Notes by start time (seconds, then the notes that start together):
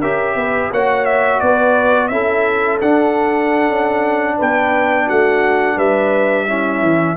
0.00 C#4 G4 A#4 E5
0.35 B3 B4
0.70 A#3 F#4 C#5 F#5
1.05 E5
1.40 B3 B4 D5
2.08 C#4 E4 A4 E5
2.81 D4 F#5
3.68 C#4
4.37 B3 B4 G5
5.07 A3 F#4 F#5
5.76 G3 B4 E5
6.48 C#4 E4
6.81 E3